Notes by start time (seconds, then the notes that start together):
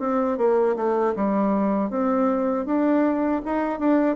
0.00 C4
0.38 A#3
0.76 A3
1.16 G3
1.90 C4
2.66 D4
3.45 D#4
3.80 D4